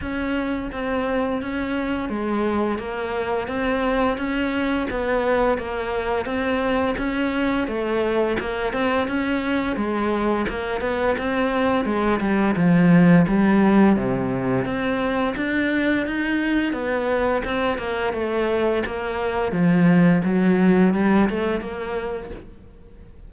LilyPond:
\new Staff \with { instrumentName = "cello" } { \time 4/4 \tempo 4 = 86 cis'4 c'4 cis'4 gis4 | ais4 c'4 cis'4 b4 | ais4 c'4 cis'4 a4 | ais8 c'8 cis'4 gis4 ais8 b8 |
c'4 gis8 g8 f4 g4 | c4 c'4 d'4 dis'4 | b4 c'8 ais8 a4 ais4 | f4 fis4 g8 a8 ais4 | }